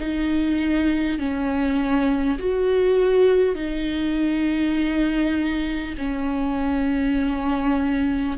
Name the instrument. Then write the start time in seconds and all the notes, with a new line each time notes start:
viola
0.00 D#4
1.19 C#4
2.39 F#4
3.56 D#4
5.98 C#4